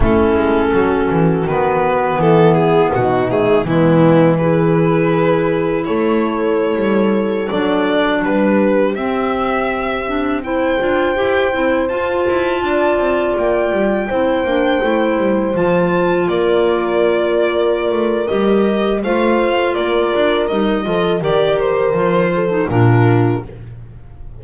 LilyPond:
<<
  \new Staff \with { instrumentName = "violin" } { \time 4/4 \tempo 4 = 82 a'2 b'4 a'8 gis'8 | fis'8 gis'8 e'4 b'2 | cis''2~ cis''16 d''4 b'8.~ | b'16 e''2 g''4.~ g''16~ |
g''16 a''2 g''4.~ g''16~ | g''4~ g''16 a''4 d''4.~ d''16~ | d''4 dis''4 f''4 d''4 | dis''4 d''8 c''4. ais'4 | }
  \new Staff \with { instrumentName = "horn" } { \time 4/4 e'4 fis'2 e'4 | dis'4 b4 gis'2 | a'2.~ a'16 g'8.~ | g'2~ g'16 c''4.~ c''16~ |
c''4~ c''16 d''2 c''8.~ | c''2~ c''16 ais'4.~ ais'16~ | ais'2 c''4 ais'4~ | ais'8 a'8 ais'4. a'8 f'4 | }
  \new Staff \with { instrumentName = "clarinet" } { \time 4/4 cis'2 b2~ | b8 a8 gis4 e'2~ | e'2~ e'16 d'4.~ d'16~ | d'16 c'4. d'8 e'8 f'8 g'8 e'16~ |
e'16 f'2. e'8 d'16~ | d'16 e'4 f'2~ f'8.~ | f'4 g'4 f'2 | dis'8 f'8 g'4 f'8. dis'16 d'4 | }
  \new Staff \with { instrumentName = "double bass" } { \time 4/4 a8 gis8 fis8 e8 dis4 e4 | b,4 e2. | a4~ a16 g4 fis4 g8.~ | g16 c'2~ c'8 d'8 e'8 c'16~ |
c'16 f'8 e'8 d'8 c'8 ais8 g8 c'8 ais16~ | ais16 a8 g8 f4 ais4.~ ais16~ | ais8 a8 g4 a4 ais8 d'8 | g8 f8 dis4 f4 ais,4 | }
>>